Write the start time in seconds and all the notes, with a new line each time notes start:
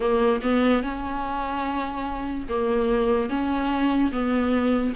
0.00 A#3
0.42 B3
0.83 C#4
2.48 A#3
3.29 C#4
4.11 B3